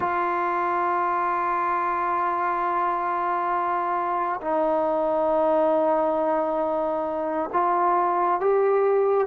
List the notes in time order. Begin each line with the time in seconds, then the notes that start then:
0.00 F4
4.41 D#4
7.52 F4
8.40 G4